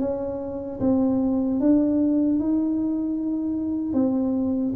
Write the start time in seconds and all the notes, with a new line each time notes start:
0.00 C#4
0.80 C4
1.60 D4
2.40 D#4
3.93 C4